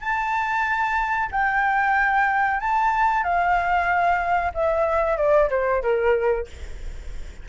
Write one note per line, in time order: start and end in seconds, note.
0.00 1.29 A5
1.31 2.60 G5
2.60 3.23 A5
3.23 4.52 F5
4.54 5.17 E5
5.17 5.49 D5
5.50 5.82 C5
5.82 6.47 A#4